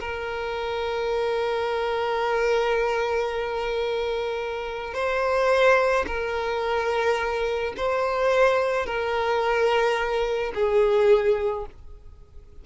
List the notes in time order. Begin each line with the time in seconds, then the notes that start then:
0.00 A#4
4.94 C5
6.07 A#4
7.77 C5
8.86 A#4
10.55 G#4